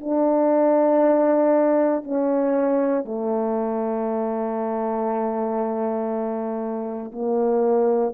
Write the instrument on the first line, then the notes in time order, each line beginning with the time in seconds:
horn
0.00 D4
2.03 C#4
3.04 A3
7.12 A#3